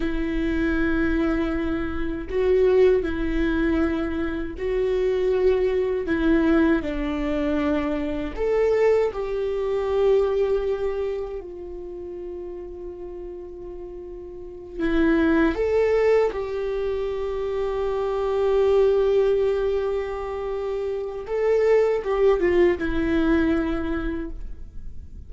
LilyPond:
\new Staff \with { instrumentName = "viola" } { \time 4/4 \tempo 4 = 79 e'2. fis'4 | e'2 fis'2 | e'4 d'2 a'4 | g'2. f'4~ |
f'2.~ f'8 e'8~ | e'8 a'4 g'2~ g'8~ | g'1 | a'4 g'8 f'8 e'2 | }